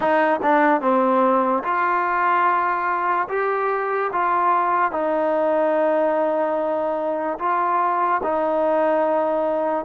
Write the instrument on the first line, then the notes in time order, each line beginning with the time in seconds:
trombone
0.00 D#4
0.42 D4
0.81 C4
1.63 F4
3.28 G4
4.12 F4
4.91 D#4
7.39 F4
8.23 D#4